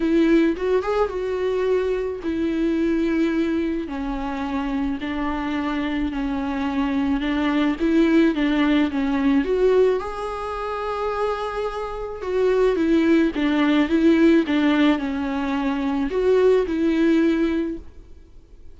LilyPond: \new Staff \with { instrumentName = "viola" } { \time 4/4 \tempo 4 = 108 e'4 fis'8 gis'8 fis'2 | e'2. cis'4~ | cis'4 d'2 cis'4~ | cis'4 d'4 e'4 d'4 |
cis'4 fis'4 gis'2~ | gis'2 fis'4 e'4 | d'4 e'4 d'4 cis'4~ | cis'4 fis'4 e'2 | }